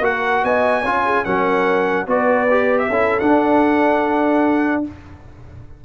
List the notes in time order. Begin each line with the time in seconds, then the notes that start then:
0.00 A#3 F#4 A#4 F#5
0.44 B3 D#5 G#5
0.82 C#4 F4 C#5
1.05 G#4
1.24 F#3 C#4 A#4 F#5
2.07 B3 F#4 B4 D5
2.50 G4
2.78 E5
2.88 C#4 E4 A4
3.19 D4 F#5